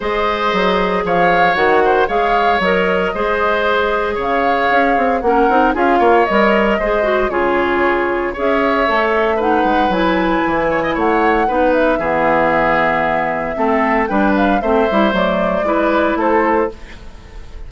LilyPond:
<<
  \new Staff \with { instrumentName = "flute" } { \time 4/4 \tempo 4 = 115 dis''2 f''4 fis''4 | f''4 dis''2. | f''2 fis''4 f''4 | dis''2 cis''2 |
e''2 fis''4 gis''4~ | gis''4 fis''4. e''4.~ | e''2. g''8 f''8 | e''4 d''2 c''4 | }
  \new Staff \with { instrumentName = "oboe" } { \time 4/4 c''2 cis''4. c''8 | cis''2 c''2 | cis''2 ais'4 gis'8 cis''8~ | cis''4 c''4 gis'2 |
cis''2 b'2~ | b'8 cis''16 dis''16 cis''4 b'4 gis'4~ | gis'2 a'4 b'4 | c''2 b'4 a'4 | }
  \new Staff \with { instrumentName = "clarinet" } { \time 4/4 gis'2. fis'4 | gis'4 ais'4 gis'2~ | gis'2 cis'8 dis'8 f'4 | ais'4 gis'8 fis'8 f'2 |
gis'4 a'4 dis'4 e'4~ | e'2 dis'4 b4~ | b2 c'4 d'4 | c'8 e'8 a4 e'2 | }
  \new Staff \with { instrumentName = "bassoon" } { \time 4/4 gis4 fis4 f4 dis4 | gis4 fis4 gis2 | cis4 cis'8 c'8 ais8 c'8 cis'8 ais8 | g4 gis4 cis2 |
cis'4 a4. gis8 fis4 | e4 a4 b4 e4~ | e2 a4 g4 | a8 g8 fis4 gis4 a4 | }
>>